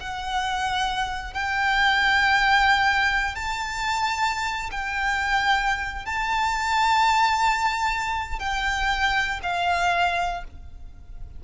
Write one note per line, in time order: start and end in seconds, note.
0.00 1.34 F#5
1.34 3.35 G5
3.35 4.70 A5
4.71 6.06 G5
6.06 8.39 A5
8.39 9.40 G5
9.43 10.44 F5